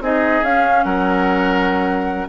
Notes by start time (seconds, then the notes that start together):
0.00 C4 D#4 G#4 D#5
0.43 C#4 F5
0.84 F#3 A#4 F#5